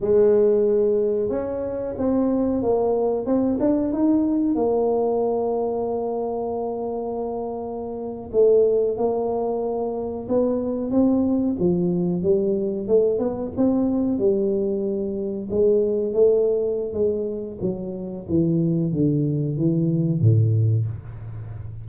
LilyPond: \new Staff \with { instrumentName = "tuba" } { \time 4/4 \tempo 4 = 92 gis2 cis'4 c'4 | ais4 c'8 d'8 dis'4 ais4~ | ais1~ | ais8. a4 ais2 b16~ |
b8. c'4 f4 g4 a16~ | a16 b8 c'4 g2 gis16~ | gis8. a4~ a16 gis4 fis4 | e4 d4 e4 a,4 | }